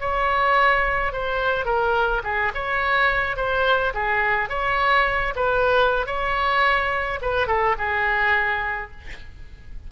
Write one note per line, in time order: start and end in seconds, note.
0.00 1.13 C#5
1.13 1.65 C5
1.65 2.22 A#4
2.24 2.52 G#4
2.54 3.37 C#5
3.37 3.93 C5
3.94 4.49 G#4
4.49 5.34 C#5
5.36 6.06 B4
6.06 7.20 C#5
7.21 7.47 B4
7.47 7.76 A4
7.78 8.91 G#4